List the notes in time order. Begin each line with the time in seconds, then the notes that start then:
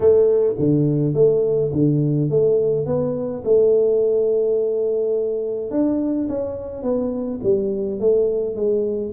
0.00 A3
0.58 D3
1.14 A3
1.72 D3
2.30 A3
2.86 B3
3.44 A3
5.71 D4
6.28 C#4
6.82 B3
7.43 G3
8.00 A3
8.55 G#3